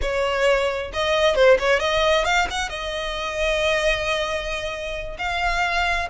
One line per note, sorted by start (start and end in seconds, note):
0.01 0.91 C#5
0.93 1.35 D#5
1.35 1.57 C5
1.59 1.79 C#5
1.79 2.24 D#5
2.25 2.47 F5
2.50 2.69 F#5
2.69 5.17 D#5
5.18 6.08 F5